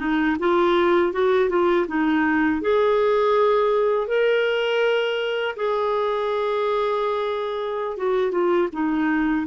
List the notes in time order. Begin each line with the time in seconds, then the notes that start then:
0.00 D#4
0.40 F4
1.13 F#4
1.49 F4
1.88 D#4
2.62 G#4
4.08 A#4
5.57 G#4
7.97 F#4
8.32 F4
8.73 D#4